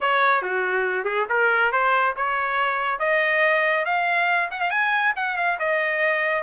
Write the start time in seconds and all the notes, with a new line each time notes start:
0.00 C#5
0.41 F#4
1.04 G#4
1.29 A#4
1.72 C5
2.16 C#5
2.99 D#5
3.85 F5
4.50 F#5
4.60 F5
4.70 G#5
5.15 F#5
5.36 F5
5.59 D#5